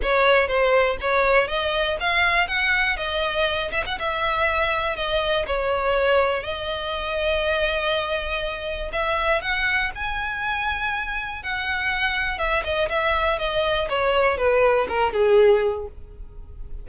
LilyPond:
\new Staff \with { instrumentName = "violin" } { \time 4/4 \tempo 4 = 121 cis''4 c''4 cis''4 dis''4 | f''4 fis''4 dis''4. e''16 fis''16 | e''2 dis''4 cis''4~ | cis''4 dis''2.~ |
dis''2 e''4 fis''4 | gis''2. fis''4~ | fis''4 e''8 dis''8 e''4 dis''4 | cis''4 b'4 ais'8 gis'4. | }